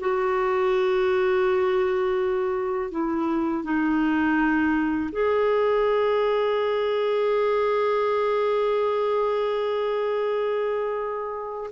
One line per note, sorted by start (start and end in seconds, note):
0.00 2.91 F#4
2.91 3.64 E4
3.64 5.11 D#4
5.12 11.71 G#4